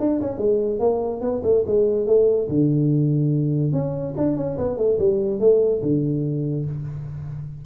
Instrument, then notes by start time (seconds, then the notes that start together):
tuba
0.00 D4
0.21 C#4
0.38 G#3
0.80 A#3
1.21 B3
1.44 A3
1.67 G#3
2.07 A3
2.49 D3
3.73 C#4
4.17 D4
4.37 C#4
4.58 B3
4.78 A3
4.99 G3
5.40 A3
5.82 D3